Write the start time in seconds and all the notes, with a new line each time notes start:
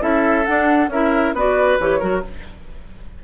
0.00 C#4 E4 A4 E5
0.46 D4 F#5
0.88 C#4 E4 A#4 E5
1.34 B3 F#4 B4 D5
1.79 E3 G4 C#5
2.00 F#3 F#4 A#4